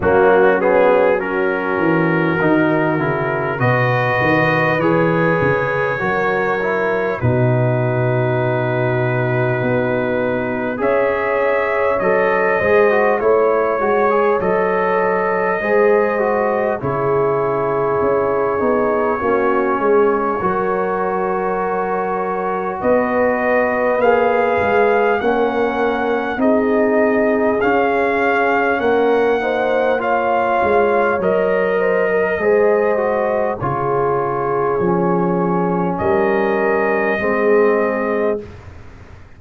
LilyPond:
<<
  \new Staff \with { instrumentName = "trumpet" } { \time 4/4 \tempo 4 = 50 fis'8 gis'8 ais'2 dis''4 | cis''2 b'2~ | b'4 e''4 dis''4 cis''4 | dis''2 cis''2~ |
cis''2. dis''4 | f''4 fis''4 dis''4 f''4 | fis''4 f''4 dis''2 | cis''2 dis''2 | }
  \new Staff \with { instrumentName = "horn" } { \time 4/4 cis'4 fis'2 b'4~ | b'4 ais'4 fis'2~ | fis'4 cis''4. c''8 cis''4~ | cis''4 c''4 gis'2 |
fis'8 gis'8 ais'2 b'4~ | b'4 ais'4 gis'2 | ais'8 c''8 cis''4. c''16 ais'16 c''4 | gis'2 ais'4 gis'4 | }
  \new Staff \with { instrumentName = "trombone" } { \time 4/4 ais8 b8 cis'4 dis'8 e'8 fis'4 | gis'4 fis'8 e'8 dis'2~ | dis'4 gis'4 a'8 gis'16 fis'16 e'8 fis'16 gis'16 | a'4 gis'8 fis'8 e'4. dis'8 |
cis'4 fis'2. | gis'4 cis'4 dis'4 cis'4~ | cis'8 dis'8 f'4 ais'4 gis'8 fis'8 | f'4 cis'2 c'4 | }
  \new Staff \with { instrumentName = "tuba" } { \time 4/4 fis4. e8 dis8 cis8 b,8 dis8 | e8 cis8 fis4 b,2 | b4 cis'4 fis8 gis8 a8 gis8 | fis4 gis4 cis4 cis'8 b8 |
ais8 gis8 fis2 b4 | ais8 gis8 ais4 c'4 cis'4 | ais4. gis8 fis4 gis4 | cis4 f4 g4 gis4 | }
>>